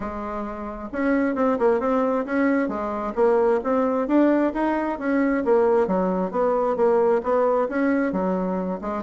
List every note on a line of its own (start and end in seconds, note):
0.00 0.89 G#3
0.92 1.35 C#4
1.35 1.57 C4
1.59 1.80 A#3
1.80 2.25 C4
2.25 2.68 C#4
2.68 3.13 G#3
3.15 3.60 A#3
3.63 4.07 C4
4.07 4.52 D4
4.53 4.98 D#4
4.98 5.43 C#4
5.45 5.87 A#3
5.87 6.31 F#3
6.31 6.76 B3
6.76 7.21 A#3
7.23 7.68 B3
7.68 8.12 C#4
8.12 8.80 F#3
8.81 9.03 G#3